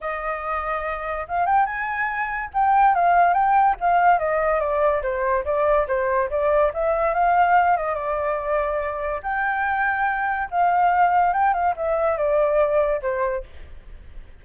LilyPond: \new Staff \with { instrumentName = "flute" } { \time 4/4 \tempo 4 = 143 dis''2. f''8 g''8 | gis''2 g''4 f''4 | g''4 f''4 dis''4 d''4 | c''4 d''4 c''4 d''4 |
e''4 f''4. dis''8 d''4~ | d''2 g''2~ | g''4 f''2 g''8 f''8 | e''4 d''2 c''4 | }